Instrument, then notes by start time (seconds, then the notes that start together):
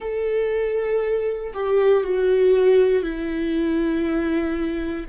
viola
0.00 A4
1.53 G4
2.03 F#4
3.02 E4